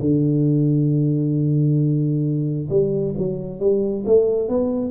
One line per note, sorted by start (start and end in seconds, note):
0.00 2.69 D3
2.70 3.15 G3
3.18 3.60 F#3
3.60 4.05 G3
4.06 4.49 A3
4.49 4.91 B3